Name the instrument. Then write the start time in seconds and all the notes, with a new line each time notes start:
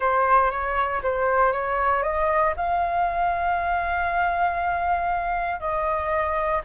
flute
0.00 C5
0.50 C#5
1.02 C5
1.52 C#5
2.02 D#5
2.56 F5
5.60 D#5